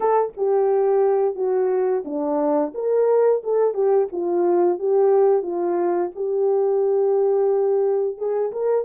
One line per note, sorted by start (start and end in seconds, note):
0.00 0.33 A4
0.36 1.35 G4
1.35 2.03 F#4
2.05 2.73 D4
2.74 3.42 A#4
3.43 3.73 A4
3.73 4.08 G4
4.12 4.79 F4
4.79 5.42 G4
5.42 6.10 F4
6.15 8.17 G4
8.17 8.51 G#4
8.51 8.85 A#4